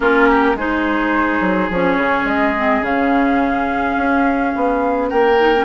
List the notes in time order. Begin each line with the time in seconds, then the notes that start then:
0.00 A#3 C#4 F4 A#4
0.29 G4
0.54 G#3 D#4 G#4 C5
1.40 F#3
1.69 F3 C#4 C#5
1.97 C#3
2.24 G#3 D#5
2.57 C4
2.81 C#3 C#4 F5
3.96 C#4
4.55 B3
5.09 A#3 A#4 G5
5.39 D#4
5.56 C#4